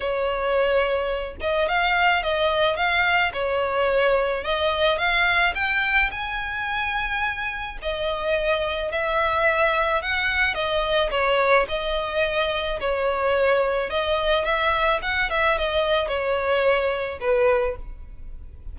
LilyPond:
\new Staff \with { instrumentName = "violin" } { \time 4/4 \tempo 4 = 108 cis''2~ cis''8 dis''8 f''4 | dis''4 f''4 cis''2 | dis''4 f''4 g''4 gis''4~ | gis''2 dis''2 |
e''2 fis''4 dis''4 | cis''4 dis''2 cis''4~ | cis''4 dis''4 e''4 fis''8 e''8 | dis''4 cis''2 b'4 | }